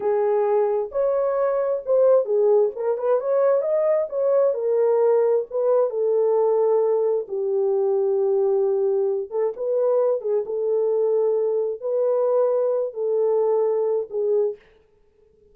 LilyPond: \new Staff \with { instrumentName = "horn" } { \time 4/4 \tempo 4 = 132 gis'2 cis''2 | c''4 gis'4 ais'8 b'8 cis''4 | dis''4 cis''4 ais'2 | b'4 a'2. |
g'1~ | g'8 a'8 b'4. gis'8 a'4~ | a'2 b'2~ | b'8 a'2~ a'8 gis'4 | }